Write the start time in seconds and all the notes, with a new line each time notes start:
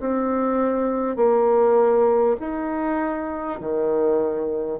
0.00 C4
1.16 A#3
2.40 D#4
3.61 D#3